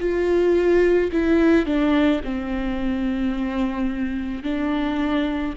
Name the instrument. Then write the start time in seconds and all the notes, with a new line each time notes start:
viola
0.00 F4
1.12 E4
1.66 D4
2.24 C4
4.43 D4